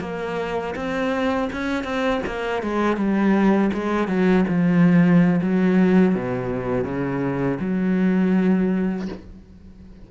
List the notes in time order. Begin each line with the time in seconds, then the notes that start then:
0.00 A#3
0.75 C4
1.52 C#4
1.84 C4
2.26 A#3
2.62 G#3
2.96 G3
3.73 G#3
4.07 F#3
4.48 F3
5.41 F#3
6.14 B2
6.84 C#3
7.60 F#3